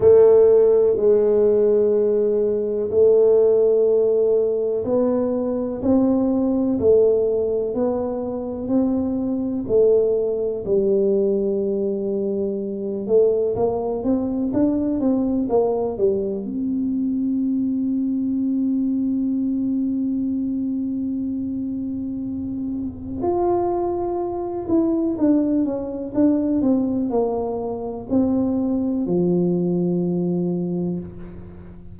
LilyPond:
\new Staff \with { instrumentName = "tuba" } { \time 4/4 \tempo 4 = 62 a4 gis2 a4~ | a4 b4 c'4 a4 | b4 c'4 a4 g4~ | g4. a8 ais8 c'8 d'8 c'8 |
ais8 g8 c'2.~ | c'1 | f'4. e'8 d'8 cis'8 d'8 c'8 | ais4 c'4 f2 | }